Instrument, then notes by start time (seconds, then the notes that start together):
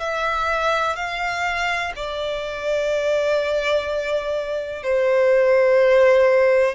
violin
0.00 E5
0.96 F5
1.96 D5
4.83 C5